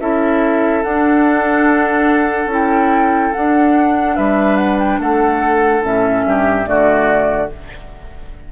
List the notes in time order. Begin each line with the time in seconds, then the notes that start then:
0.00 C#4 E4 A4 E5
0.83 D4 F#5
2.46 C#4 E4
2.53 G5
3.33 D4 F#5
4.16 G3 B4 E5
4.57 F#5
4.79 G5
4.99 A3 A4 F#5
5.82 A2 C#4 E5
6.25 G2 G4
6.64 D3 A3 F#4 D5